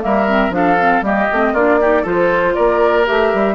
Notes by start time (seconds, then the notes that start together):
0.00 G3 A#3 A#4 E5
0.28 C4
0.49 F3 D4 F5
0.56 A4
0.80 C4
1.02 G3 A#3 G4 D#5
1.32 A3 C4
1.53 A#3 D4 F4 D5
1.81 D#4 G4
2.02 F3 F4 A4 C5
2.54 A#3 A#4 D5
3.05 A3 G4 E5
3.34 G3